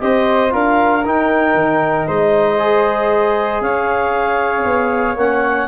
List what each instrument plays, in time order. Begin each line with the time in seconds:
0.00 tuba C4, trombone G4, flute C5, clarinet D#5
0.50 tuba D4, trombone F4, flute A#4, clarinet F5
1.05 trombone D#4, tuba D#4, clarinet G5
1.54 tuba D#3
2.07 tuba G#3, flute C5, clarinet D#5
2.58 trombone G#4
3.60 tuba C#4, flute C#5, clarinet F5
4.65 tuba B3
5.15 tuba A#3, trombone C#4, clarinet F#5